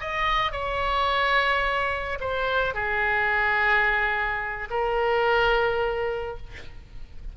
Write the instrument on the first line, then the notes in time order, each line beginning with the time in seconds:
oboe
0.00 D#5
0.52 C#5
2.20 C5
2.74 G#4
4.70 A#4